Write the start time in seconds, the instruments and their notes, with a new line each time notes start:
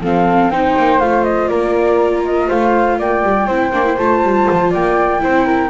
0.00 double bass F3, viola C4, flute A4 F5
0.48 double bass C4, viola D#4, flute C5 G5
0.78 double bass A#3
1.00 double bass A3, viola F4, flute F5
1.24 flute D#5
1.47 double bass A#3, flute A#4 D5
2.25 flute D#5
2.47 double bass A3, flute C5 F5
2.98 double bass A#3, flute D5 G5
3.23 double bass G3
3.46 double bass C4, viola E4, flute C5
3.72 double bass A#3, viola D4
3.84 viola E4
3.97 double bass A3, viola F4, flute A5
4.23 double bass G3
4.50 double bass F3
4.70 double bass A#3, flute D5 G5
5.20 double bass C4, viola E4, flute C5
5.45 flute A#4